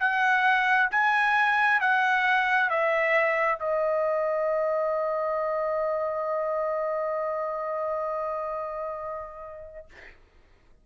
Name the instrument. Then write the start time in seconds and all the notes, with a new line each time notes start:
trumpet
0.00 F#5
0.91 G#5
1.81 F#5
2.70 E5
3.59 D#5